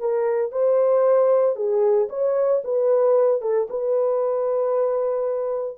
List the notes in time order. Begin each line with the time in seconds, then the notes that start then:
0.00 A#4
0.52 C5
1.56 G#4
2.10 C#5
2.64 B4
3.42 A4
3.70 B4